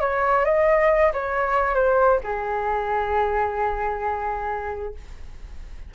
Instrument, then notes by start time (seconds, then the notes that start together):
flute
0.00 C#5
0.44 D#5
1.13 C#5
1.74 C5
2.23 G#4